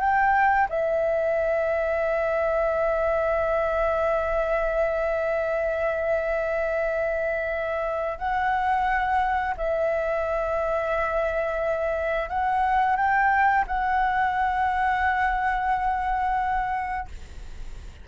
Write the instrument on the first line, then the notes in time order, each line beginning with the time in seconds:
flute
0.00 G5
0.69 E5
8.18 F#5
9.57 E5
12.29 F#5
12.97 G5
13.67 F#5